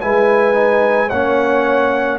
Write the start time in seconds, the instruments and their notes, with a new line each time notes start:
0.00 tuba G#3, trombone E4, horn B4, trumpet G#5
0.53 trombone D#4
1.07 tuba A#3, trombone C#4, horn C#5, trumpet F#5